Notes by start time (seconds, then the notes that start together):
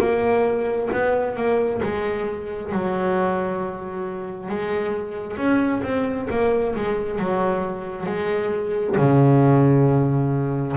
0.00 A#3
0.93 B3
1.36 A#3
1.83 G#3
2.72 F#3
4.49 G#3
5.37 C#4
5.83 C4
6.31 A#3
6.76 G#3
7.19 F#3
8.06 G#3
8.97 C#3